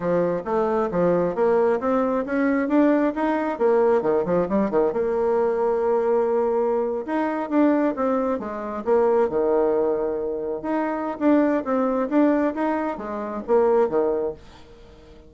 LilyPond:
\new Staff \with { instrumentName = "bassoon" } { \time 4/4 \tempo 4 = 134 f4 a4 f4 ais4 | c'4 cis'4 d'4 dis'4 | ais4 dis8 f8 g8 dis8 ais4~ | ais2.~ ais8. dis'16~ |
dis'8. d'4 c'4 gis4 ais16~ | ais8. dis2. dis'16~ | dis'4 d'4 c'4 d'4 | dis'4 gis4 ais4 dis4 | }